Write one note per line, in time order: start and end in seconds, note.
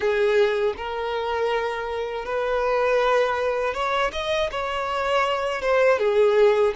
0.00 0.73 G#4
0.76 2.25 A#4
2.25 3.73 B4
3.73 4.11 C#5
4.12 4.50 D#5
4.51 5.61 C#5
5.61 5.98 C5
5.98 6.73 G#4